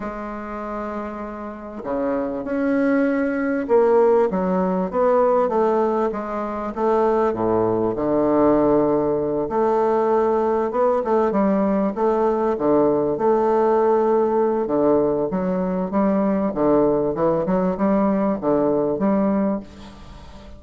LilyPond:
\new Staff \with { instrumentName = "bassoon" } { \time 4/4 \tempo 4 = 98 gis2. cis4 | cis'2 ais4 fis4 | b4 a4 gis4 a4 | a,4 d2~ d8 a8~ |
a4. b8 a8 g4 a8~ | a8 d4 a2~ a8 | d4 fis4 g4 d4 | e8 fis8 g4 d4 g4 | }